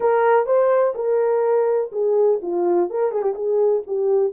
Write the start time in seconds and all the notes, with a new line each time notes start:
0.00 A#4
0.45 C5
0.94 A#4
1.92 G#4
2.42 F4
2.90 A#4
3.11 G#4
3.22 G4
3.35 G#4
3.87 G4